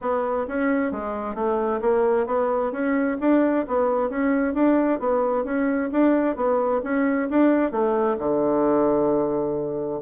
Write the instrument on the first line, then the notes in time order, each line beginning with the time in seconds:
bassoon
0.01 B3
0.47 C#4
0.91 G#3
1.34 A3
1.81 A#3
2.26 B3
2.71 C#4
3.20 D4
3.67 B3
4.09 C#4
4.54 D4
4.99 B3
5.44 C#4
5.92 D4
6.36 B3
6.83 C#4
7.30 D4
7.71 A3
8.18 D3